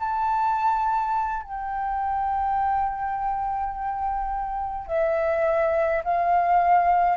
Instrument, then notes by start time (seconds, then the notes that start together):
flute
0.00 A5
1.43 G5
4.88 E5
6.04 F5